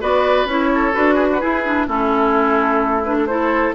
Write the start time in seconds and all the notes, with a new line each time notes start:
0.00 B3 F#4 B4 D5
0.45 C#4 E4 C#5
0.74 A4
0.93 D4 F#4 B4
1.14 G#4
1.33 F#4
1.39 E4 G#4
1.65 D4
1.87 A3 C#4 E4 A4
3.04 D4 B4
3.18 A4
3.26 E4 A4 C5